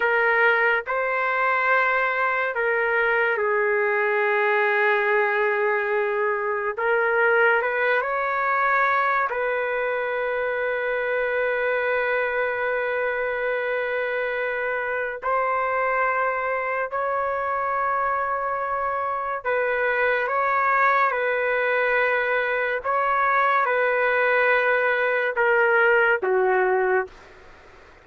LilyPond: \new Staff \with { instrumentName = "trumpet" } { \time 4/4 \tempo 4 = 71 ais'4 c''2 ais'4 | gis'1 | ais'4 b'8 cis''4. b'4~ | b'1~ |
b'2 c''2 | cis''2. b'4 | cis''4 b'2 cis''4 | b'2 ais'4 fis'4 | }